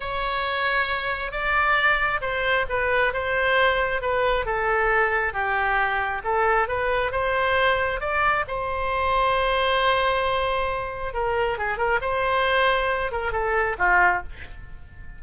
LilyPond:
\new Staff \with { instrumentName = "oboe" } { \time 4/4 \tempo 4 = 135 cis''2. d''4~ | d''4 c''4 b'4 c''4~ | c''4 b'4 a'2 | g'2 a'4 b'4 |
c''2 d''4 c''4~ | c''1~ | c''4 ais'4 gis'8 ais'8 c''4~ | c''4. ais'8 a'4 f'4 | }